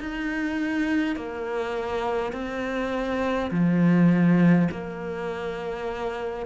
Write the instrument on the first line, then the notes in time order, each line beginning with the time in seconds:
cello
0.00 D#4
1.16 A#3
2.33 C4
3.51 F3
4.71 A#3